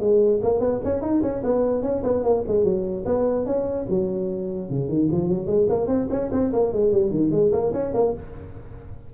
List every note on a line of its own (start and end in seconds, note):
0.00 0.41 G#3
0.43 0.60 A#3
0.60 0.81 B3
0.84 1.02 C#4
1.02 1.22 D#4
1.22 1.42 C#4
1.43 1.82 B3
1.82 2.03 C#4
2.04 2.24 B3
2.24 2.44 A#3
2.47 2.64 G#3
2.64 3.05 F#3
3.06 3.46 B3
3.46 3.86 C#4
3.89 4.70 F#3
4.70 4.89 C#3
4.89 5.09 D#3
5.12 5.28 F3
5.28 5.47 F#3
5.47 5.67 G#3
5.69 5.88 A#3
5.88 6.08 C4
6.10 6.31 C#4
6.32 6.52 C4
6.53 6.73 A#3
6.73 6.92 G#3
6.92 7.11 G3
7.11 7.31 D#3
7.31 7.51 G#3
7.52 7.73 A#3
7.73 7.93 C#4
7.94 8.14 A#3